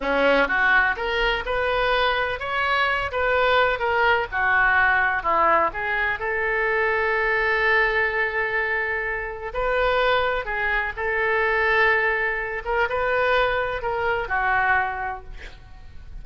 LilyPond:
\new Staff \with { instrumentName = "oboe" } { \time 4/4 \tempo 4 = 126 cis'4 fis'4 ais'4 b'4~ | b'4 cis''4. b'4. | ais'4 fis'2 e'4 | gis'4 a'2.~ |
a'1 | b'2 gis'4 a'4~ | a'2~ a'8 ais'8 b'4~ | b'4 ais'4 fis'2 | }